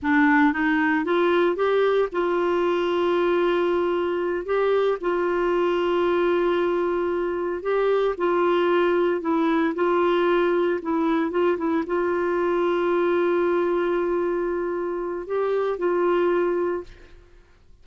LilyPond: \new Staff \with { instrumentName = "clarinet" } { \time 4/4 \tempo 4 = 114 d'4 dis'4 f'4 g'4 | f'1~ | f'8 g'4 f'2~ f'8~ | f'2~ f'8 g'4 f'8~ |
f'4. e'4 f'4.~ | f'8 e'4 f'8 e'8 f'4.~ | f'1~ | f'4 g'4 f'2 | }